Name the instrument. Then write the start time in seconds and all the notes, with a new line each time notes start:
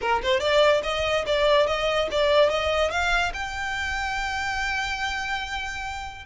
violin
0.01 A#4
0.23 C5
0.40 D5
0.83 D#5
1.26 D5
1.66 D#5
2.11 D5
2.49 D#5
2.90 F5
3.33 G5